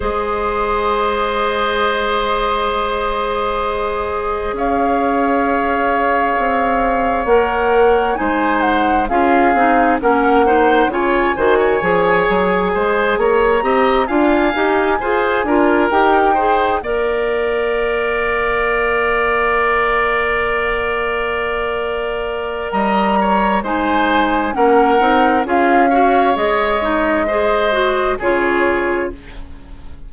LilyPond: <<
  \new Staff \with { instrumentName = "flute" } { \time 4/4 \tempo 4 = 66 dis''1~ | dis''4 f''2. | fis''4 gis''8 fis''8 f''4 fis''4 | gis''2~ gis''8 ais''4 gis''8~ |
gis''4. g''4 f''4.~ | f''1~ | f''4 ais''4 gis''4 fis''4 | f''4 dis''2 cis''4 | }
  \new Staff \with { instrumentName = "oboe" } { \time 4/4 c''1~ | c''4 cis''2.~ | cis''4 c''4 gis'4 ais'8 c''8 | cis''8 c''16 cis''4~ cis''16 c''8 cis''8 dis''8 f''8~ |
f''8 c''8 ais'4 c''8 d''4.~ | d''1~ | d''4 dis''8 cis''8 c''4 ais'4 | gis'8 cis''4. c''4 gis'4 | }
  \new Staff \with { instrumentName = "clarinet" } { \time 4/4 gis'1~ | gis'1 | ais'4 dis'4 f'8 dis'8 cis'8 dis'8 | f'8 fis'8 gis'2 g'8 f'8 |
g'8 gis'8 f'8 g'8 gis'8 ais'4.~ | ais'1~ | ais'2 dis'4 cis'8 dis'8 | f'8 fis'8 gis'8 dis'8 gis'8 fis'8 f'4 | }
  \new Staff \with { instrumentName = "bassoon" } { \time 4/4 gis1~ | gis4 cis'2 c'4 | ais4 gis4 cis'8 c'8 ais4 | cis8 dis8 f8 fis8 gis8 ais8 c'8 d'8 |
dis'8 f'8 d'8 dis'4 ais4.~ | ais1~ | ais4 g4 gis4 ais8 c'8 | cis'4 gis2 cis4 | }
>>